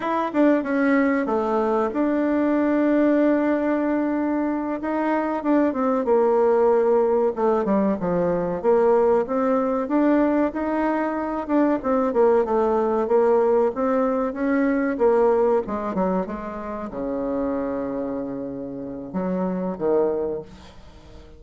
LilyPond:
\new Staff \with { instrumentName = "bassoon" } { \time 4/4 \tempo 4 = 94 e'8 d'8 cis'4 a4 d'4~ | d'2.~ d'8 dis'8~ | dis'8 d'8 c'8 ais2 a8 | g8 f4 ais4 c'4 d'8~ |
d'8 dis'4. d'8 c'8 ais8 a8~ | a8 ais4 c'4 cis'4 ais8~ | ais8 gis8 fis8 gis4 cis4.~ | cis2 fis4 dis4 | }